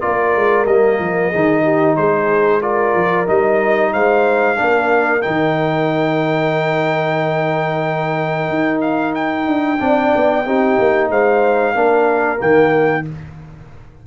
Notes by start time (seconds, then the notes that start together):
0.00 A#3 F4 A#4 D5
0.35 G#3
0.66 G3 A#3 D#5
0.99 F3
1.29 D#3 D#4 G#4
1.63 G4
1.96 G#3 G#4 C5
2.61 F4 A#4 D5
2.94 F3
3.26 G3 D#4 D#5
3.92 G#3 C5 F5
4.56 A#3 D4 A#4
5.21 D#3 D#4 G5
8.49 D#4
8.81 F5
9.14 G5
9.46 D4
9.79 C4 D4 D5
10.15 B3
10.45 C4 D#4 G4
10.78 A#3
11.09 G#3 C5 F5
11.74 A#3 D4 A#4
12.37 D#3 A#3 G5